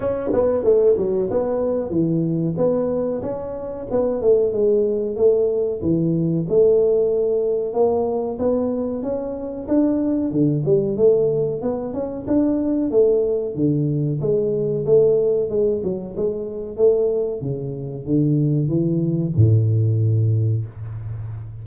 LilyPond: \new Staff \with { instrumentName = "tuba" } { \time 4/4 \tempo 4 = 93 cis'8 b8 a8 fis8 b4 e4 | b4 cis'4 b8 a8 gis4 | a4 e4 a2 | ais4 b4 cis'4 d'4 |
d8 g8 a4 b8 cis'8 d'4 | a4 d4 gis4 a4 | gis8 fis8 gis4 a4 cis4 | d4 e4 a,2 | }